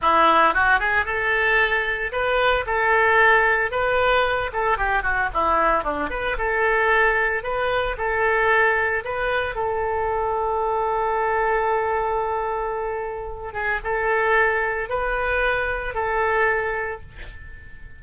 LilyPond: \new Staff \with { instrumentName = "oboe" } { \time 4/4 \tempo 4 = 113 e'4 fis'8 gis'8 a'2 | b'4 a'2 b'4~ | b'8 a'8 g'8 fis'8 e'4 d'8 b'8 | a'2 b'4 a'4~ |
a'4 b'4 a'2~ | a'1~ | a'4. gis'8 a'2 | b'2 a'2 | }